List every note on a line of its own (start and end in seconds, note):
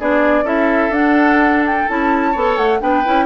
0.00 0.43 B3
0.00 0.45 D4
0.00 0.45 G#4
0.00 0.47 D5
0.43 0.89 C#4
0.43 0.92 E4
0.43 2.32 A4
0.43 0.93 E5
0.89 1.83 D4
0.89 1.88 D4
0.89 1.64 F#5
1.66 1.89 G5
1.88 2.35 C#4
1.88 2.35 E4
1.88 2.57 A5
2.32 2.57 B3
2.32 2.80 A4
2.32 2.79 C#5
2.57 2.81 A3
2.57 2.81 F#5
2.80 3.05 B3
2.80 3.04 D4
2.80 3.26 B4
2.80 3.26 G5
3.05 3.26 C#4
3.05 3.26 E4